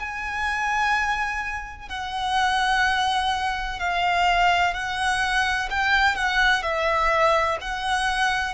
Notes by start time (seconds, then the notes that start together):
0.00 G#5
1.89 F#5
3.80 F5
4.74 F#5
5.71 G5
6.16 F#5
6.63 E5
7.61 F#5